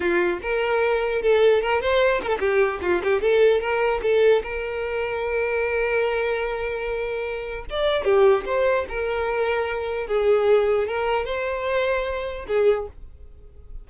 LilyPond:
\new Staff \with { instrumentName = "violin" } { \time 4/4 \tempo 4 = 149 f'4 ais'2 a'4 | ais'8 c''4 ais'16 a'16 g'4 f'8 g'8 | a'4 ais'4 a'4 ais'4~ | ais'1~ |
ais'2. d''4 | g'4 c''4 ais'2~ | ais'4 gis'2 ais'4 | c''2. gis'4 | }